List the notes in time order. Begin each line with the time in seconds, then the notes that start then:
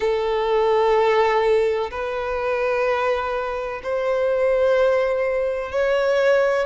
0.00 A4
1.90 B4
3.83 C5
5.71 C#5